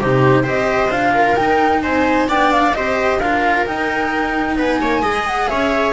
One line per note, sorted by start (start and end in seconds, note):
0.00 0.46 C3
0.00 0.44 D#4
0.00 0.44 G4
0.00 0.46 C5
0.44 0.90 C4
0.44 0.90 G4
0.44 1.12 C5
0.44 0.92 D#5
0.90 1.35 D4
0.90 1.37 F4
0.90 1.36 F5
1.14 1.83 A#4
1.36 2.29 D#4
1.36 1.84 D#4
1.36 1.82 G5
1.82 2.29 C4
1.82 2.29 C5
1.82 2.28 G#5
2.29 2.74 B3
2.29 2.74 D4
2.29 2.75 D5
2.29 2.52 G5
2.52 2.74 F5
2.74 3.20 C4
2.74 3.21 G4
2.74 3.19 C5
2.74 3.20 D#5
3.19 3.66 D4
3.19 3.66 F4
3.19 4.57 A#4
3.19 3.66 F5
3.66 5.03 D#4
3.66 4.57 D#4
3.66 4.58 G5
4.57 4.80 B3
4.57 4.81 B4
4.57 5.28 G#5
4.81 5.03 A#3
4.81 5.02 C#5
5.02 5.48 G#3
5.02 5.93 G#4
5.02 5.48 D#5
5.28 5.48 F#5
5.48 5.93 C#4
5.48 5.93 C#5
5.48 5.93 E5